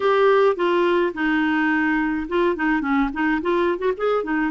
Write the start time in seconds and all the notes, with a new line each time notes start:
0.00 G4
0.56 F4
1.13 D#4
2.28 F4
2.56 D#4
2.81 C#4
3.13 D#4
3.41 F4
3.78 F#4
3.97 G#4
4.23 D#4